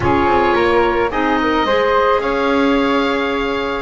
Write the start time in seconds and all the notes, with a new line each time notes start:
0.00 C#4 F4 G#4 C#5
0.26 C4
0.54 A#3 A#4
1.10 C4 D#4 G#4 D#5
1.41 A#4
1.65 G#3 G#4 C5
2.18 C#4 C#5 F5